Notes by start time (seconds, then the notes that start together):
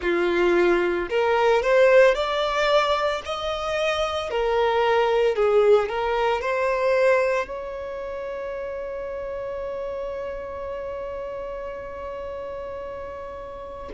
0.01 F4
1.10 A#4
1.62 C5
2.14 D5
3.25 D#5
4.30 A#4
5.35 G#4
5.88 A#4
6.41 C5
7.47 C#5